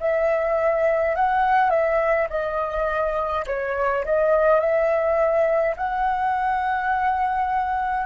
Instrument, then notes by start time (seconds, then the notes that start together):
flute
0.00 E5
1.15 F#5
1.70 E5
2.29 D#5
3.46 C#5
4.05 D#5
4.60 E5
5.76 F#5